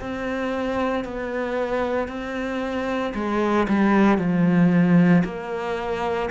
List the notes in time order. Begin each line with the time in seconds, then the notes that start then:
0.00 C4
1.04 B3
2.08 C4
3.14 G#3
3.68 G3
4.18 F3
5.24 A#3